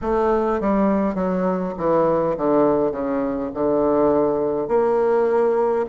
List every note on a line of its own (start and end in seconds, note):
0.01 0.60 A3
0.60 1.14 G3
1.14 1.73 F#3
1.77 2.36 E3
2.37 2.91 D3
2.91 3.50 C#3
3.53 4.67 D3
4.67 5.85 A#3